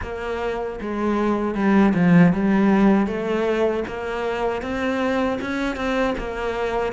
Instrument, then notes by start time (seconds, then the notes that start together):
cello
0.02 A#3
0.80 G#3
1.55 G3
1.94 F3
2.33 G3
3.06 A3
3.87 A#3
4.62 C4
5.41 C#4
5.76 C4
6.17 A#3